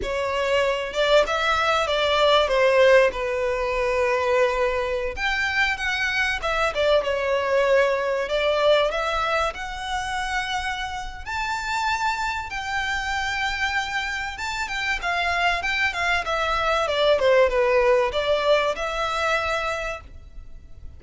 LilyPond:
\new Staff \with { instrumentName = "violin" } { \time 4/4 \tempo 4 = 96 cis''4. d''8 e''4 d''4 | c''4 b'2.~ | b'16 g''4 fis''4 e''8 d''8 cis''8.~ | cis''4~ cis''16 d''4 e''4 fis''8.~ |
fis''2 a''2 | g''2. a''8 g''8 | f''4 g''8 f''8 e''4 d''8 c''8 | b'4 d''4 e''2 | }